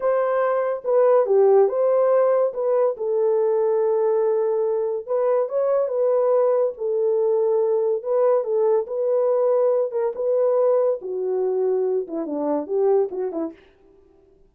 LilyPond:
\new Staff \with { instrumentName = "horn" } { \time 4/4 \tempo 4 = 142 c''2 b'4 g'4 | c''2 b'4 a'4~ | a'1 | b'4 cis''4 b'2 |
a'2. b'4 | a'4 b'2~ b'8 ais'8 | b'2 fis'2~ | fis'8 e'8 d'4 g'4 fis'8 e'8 | }